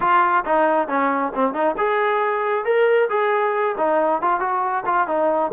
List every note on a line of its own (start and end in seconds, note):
0.00 0.44 F4
0.45 0.88 D#4
0.88 1.32 C#4
1.35 1.53 C4
1.53 1.75 D#4
1.77 2.64 G#4
2.64 3.08 A#4
3.09 3.75 G#4
3.77 4.21 D#4
4.21 4.40 F4
4.40 4.84 F#4
4.85 5.07 F4
5.07 5.51 D#4